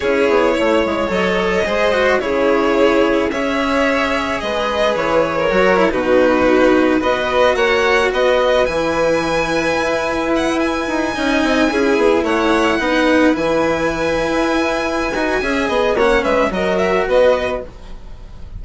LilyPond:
<<
  \new Staff \with { instrumentName = "violin" } { \time 4/4 \tempo 4 = 109 cis''2 dis''2 | cis''2 e''2 | dis''4 cis''4.~ cis''16 b'4~ b'16~ | b'8. dis''4 fis''4 dis''4 gis''16~ |
gis''2~ gis''8. fis''8 gis''8.~ | gis''2~ gis''16 fis''4.~ fis''16~ | fis''16 gis''2.~ gis''8.~ | gis''4 fis''8 e''8 dis''8 e''8 dis''4 | }
  \new Staff \with { instrumentName = "violin" } { \time 4/4 gis'4 cis''2 c''4 | gis'2 cis''2 | b'4.~ b'16 ais'4 fis'4~ fis'16~ | fis'8. b'4 cis''4 b'4~ b'16~ |
b'1~ | b'16 dis''4 gis'4 cis''4 b'8.~ | b'1 | e''8 dis''8 cis''8 b'8 ais'4 b'4 | }
  \new Staff \with { instrumentName = "cello" } { \time 4/4 e'2 a'4 gis'8 fis'8 | e'2 gis'2~ | gis'2 fis'8 e'16 dis'4~ dis'16~ | dis'8. fis'2. e'16~ |
e'1~ | e'16 dis'4 e'2 dis'8.~ | dis'16 e'2.~ e'16 fis'8 | gis'4 cis'4 fis'2 | }
  \new Staff \with { instrumentName = "bassoon" } { \time 4/4 cis'8 b8 a8 gis8 fis4 gis4 | cis2 cis'2 | gis4 e4 fis8. b,4~ b,16~ | b,8. b4 ais4 b4 e16~ |
e4.~ e16 e'2 dis'16~ | dis'16 cis'8 c'8 cis'8 b8 a4 b8.~ | b16 e4.~ e16 e'4. dis'8 | cis'8 b8 ais8 gis8 fis4 b4 | }
>>